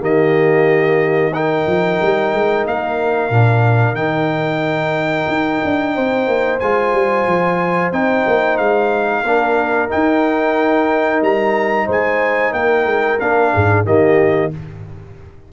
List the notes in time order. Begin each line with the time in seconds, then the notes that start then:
0.00 D#3 A#3 G4 D#5
1.34 D#4 A#4 G5
1.67 F3
2.01 G3
2.33 G#3
2.66 A#3 F5
3.30 A#2 D4
3.94 D#3 D#4 G5
5.28 D#4
5.64 D4
5.95 C4 C5
6.27 A#3
6.59 G#3 F4 G#5
6.93 G3
7.27 F3
7.92 C4 D#4 G5
8.27 A#3
8.57 G#3 F5
9.23 A#3 D4 A#4
9.89 D#4 G5
11.21 G3 A#5
11.86 G#3 C5 G#5
12.52 A#3 A#4 G5
12.86 G#3
13.20 A#3 D4 F5
13.53 G#2 G#4
13.85 D#3 A#3 G4 D#5